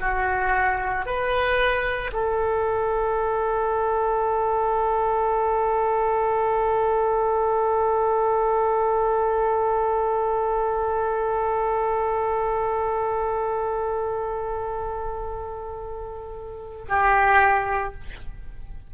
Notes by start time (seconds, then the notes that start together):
0.00 F#4
1.05 B4
2.12 A4
16.88 G4